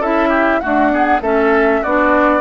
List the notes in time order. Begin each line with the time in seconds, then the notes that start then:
0.00 C#4 E4 A4 E5
0.30 G4
0.61 A3 D4 F#4 F#5
0.91 B3 G#4
1.21 A3 C#4 A4 E5
1.82 B3 D4 F#4 D5